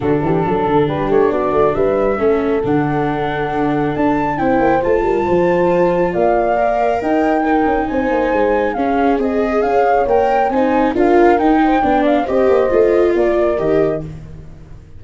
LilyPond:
<<
  \new Staff \with { instrumentName = "flute" } { \time 4/4 \tempo 4 = 137 a'2 b'8 cis''8 d''4 | e''2 fis''2~ | fis''4 a''4 g''4 a''4~ | a''2 f''2 |
g''2 gis''2 | f''4 dis''4 f''4 g''4 | gis''4 f''4 g''4. f''8 | dis''2 d''4 dis''4 | }
  \new Staff \with { instrumentName = "horn" } { \time 4/4 fis'8 g'8 a'4 g'4 fis'4 | b'4 a'2.~ | a'2 c''4. ais'8 | c''2 d''2 |
dis''4 ais'4 c''2 | gis'2 cis''2 | c''4 ais'4. c''8 d''4 | c''2 ais'2 | }
  \new Staff \with { instrumentName = "viola" } { \time 4/4 d'1~ | d'4 cis'4 d'2~ | d'2 e'4 f'4~ | f'2. ais'4~ |
ais'4 dis'2. | cis'4 gis'2 ais'4 | dis'4 f'4 dis'4 d'4 | g'4 f'2 g'4 | }
  \new Staff \with { instrumentName = "tuba" } { \time 4/4 d8 e8 fis8 d8 g8 a8 b8 a8 | g4 a4 d2~ | d4 d'4 c'8 ais8 a8 g8 | f2 ais2 |
dis'4. cis'8 c'8 ais8 gis4 | cis'4 c'4 cis'4 ais4 | c'4 d'4 dis'4 b4 | c'8 ais8 a4 ais4 dis4 | }
>>